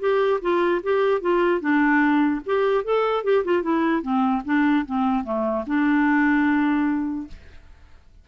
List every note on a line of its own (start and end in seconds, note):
0.00 0.40 G4
0.41 0.82 F4
0.83 1.21 G4
1.21 1.61 F4
1.61 2.41 D4
2.46 2.84 G4
2.84 3.24 A4
3.24 3.44 G4
3.45 3.63 F4
3.63 4.02 E4
4.02 4.42 C4
4.45 4.85 D4
4.86 5.24 C4
5.24 5.65 A3
5.67 7.28 D4